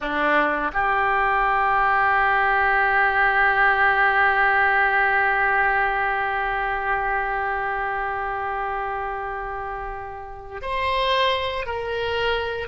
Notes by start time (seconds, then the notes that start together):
0.01 D4
0.73 G4
10.61 C5
11.66 A#4